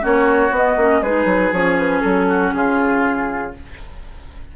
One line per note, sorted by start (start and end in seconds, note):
0.00 0.50 A#3
0.00 0.50 C#4
0.00 1.01 F#4
0.00 0.55 C#5
0.50 0.75 B3
0.50 0.78 B3
0.50 1.02 D#5
0.76 1.01 A#3
0.76 1.03 C#4
1.01 1.25 G#3
1.01 1.53 D#4
1.01 2.26 G#4
1.01 1.52 B4
1.25 1.50 F#3
1.52 2.02 F3
1.52 3.53 C#4
1.52 1.77 C#5
1.78 2.00 B4
2.00 2.53 F#3
2.00 2.50 A4
2.28 2.53 F#4
2.53 3.53 C#3
2.53 3.56 F4
2.53 3.53 G#4